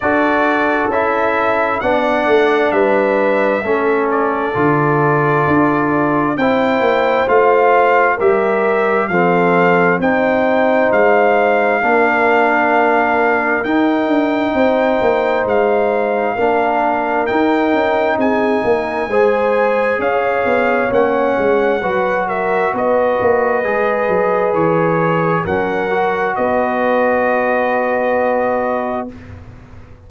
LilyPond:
<<
  \new Staff \with { instrumentName = "trumpet" } { \time 4/4 \tempo 4 = 66 d''4 e''4 fis''4 e''4~ | e''8 d''2~ d''8 g''4 | f''4 e''4 f''4 g''4 | f''2. g''4~ |
g''4 f''2 g''4 | gis''2 f''4 fis''4~ | fis''8 e''8 dis''2 cis''4 | fis''4 dis''2. | }
  \new Staff \with { instrumentName = "horn" } { \time 4/4 a'2 d''4 b'4 | a'2. c''4~ | c''4 ais'4 a'4 c''4~ | c''4 ais'2. |
c''2 ais'2 | gis'8 ais'8 c''4 cis''2 | b'8 ais'8 b'2. | ais'4 b'2. | }
  \new Staff \with { instrumentName = "trombone" } { \time 4/4 fis'4 e'4 d'2 | cis'4 f'2 e'4 | f'4 g'4 c'4 dis'4~ | dis'4 d'2 dis'4~ |
dis'2 d'4 dis'4~ | dis'4 gis'2 cis'4 | fis'2 gis'2 | cis'8 fis'2.~ fis'8 | }
  \new Staff \with { instrumentName = "tuba" } { \time 4/4 d'4 cis'4 b8 a8 g4 | a4 d4 d'4 c'8 ais8 | a4 g4 f4 c'4 | gis4 ais2 dis'8 d'8 |
c'8 ais8 gis4 ais4 dis'8 cis'8 | c'8 ais8 gis4 cis'8 b8 ais8 gis8 | fis4 b8 ais8 gis8 fis8 e4 | fis4 b2. | }
>>